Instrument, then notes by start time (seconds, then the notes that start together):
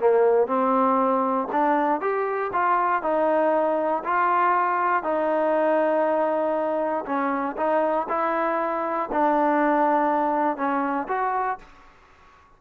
trombone
0.00 A#3
0.48 C4
1.52 D4
2.01 G4
2.53 F4
3.03 D#4
4.04 F4
5.04 D#4
7.06 C#4
7.57 D#4
8.09 E4
9.12 D4
10.57 C#4
11.08 F#4